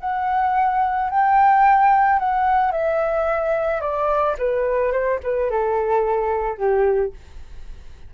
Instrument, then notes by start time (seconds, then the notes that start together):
flute
0.00 F#5
1.10 G5
2.19 F#5
2.71 E5
3.81 D5
4.38 B4
4.92 C5
5.23 B4
5.50 A4
6.58 G4